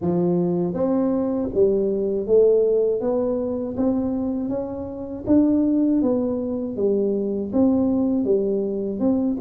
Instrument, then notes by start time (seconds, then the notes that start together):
tuba
0.01 F3
0.73 C4
1.54 G3
2.27 A3
3.00 B3
3.76 C4
4.49 C#4
5.26 D4
6.02 B3
6.76 G3
7.52 C4
8.24 G3
8.99 C4